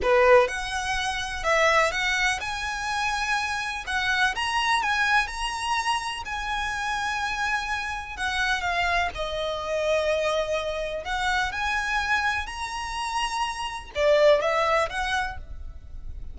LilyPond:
\new Staff \with { instrumentName = "violin" } { \time 4/4 \tempo 4 = 125 b'4 fis''2 e''4 | fis''4 gis''2. | fis''4 ais''4 gis''4 ais''4~ | ais''4 gis''2.~ |
gis''4 fis''4 f''4 dis''4~ | dis''2. fis''4 | gis''2 ais''2~ | ais''4 d''4 e''4 fis''4 | }